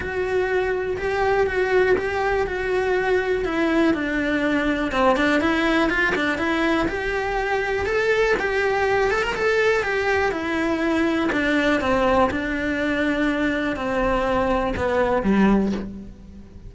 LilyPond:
\new Staff \with { instrumentName = "cello" } { \time 4/4 \tempo 4 = 122 fis'2 g'4 fis'4 | g'4 fis'2 e'4 | d'2 c'8 d'8 e'4 | f'8 d'8 e'4 g'2 |
a'4 g'4. a'16 ais'16 a'4 | g'4 e'2 d'4 | c'4 d'2. | c'2 b4 g4 | }